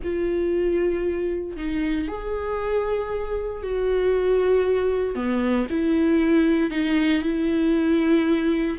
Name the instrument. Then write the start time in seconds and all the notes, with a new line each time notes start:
viola
0.03 F4
1.56 D#4
2.08 G#4
3.63 F#4
5.15 B3
5.70 E4
6.70 D#4
7.22 E4